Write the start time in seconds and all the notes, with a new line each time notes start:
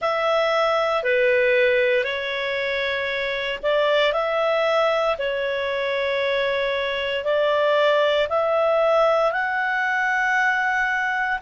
0.01 E5
1.03 B4
2.04 C#5
3.63 D5
4.12 E5
5.18 C#5
7.24 D5
8.29 E5
9.32 F#5